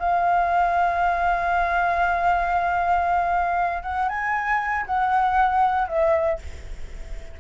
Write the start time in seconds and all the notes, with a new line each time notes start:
0.00 F5
3.83 F#5
4.09 G#5
4.87 F#5
5.88 E5